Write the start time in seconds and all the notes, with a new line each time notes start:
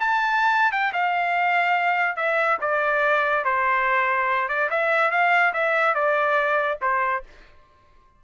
0.00 A5
0.72 G5
0.93 F5
2.16 E5
2.61 D5
3.45 C5
4.49 D5
4.70 E5
5.11 F5
5.54 E5
5.95 D5
6.82 C5